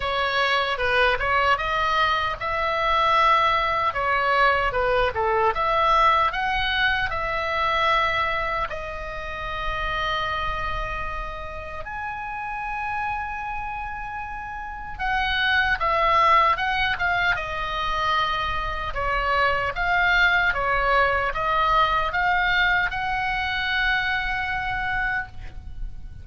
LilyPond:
\new Staff \with { instrumentName = "oboe" } { \time 4/4 \tempo 4 = 76 cis''4 b'8 cis''8 dis''4 e''4~ | e''4 cis''4 b'8 a'8 e''4 | fis''4 e''2 dis''4~ | dis''2. gis''4~ |
gis''2. fis''4 | e''4 fis''8 f''8 dis''2 | cis''4 f''4 cis''4 dis''4 | f''4 fis''2. | }